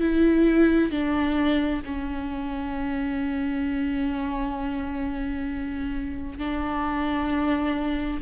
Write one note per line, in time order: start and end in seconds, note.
0.00 0.91 E4
0.91 1.82 D4
1.85 6.38 C#4
6.38 8.20 D4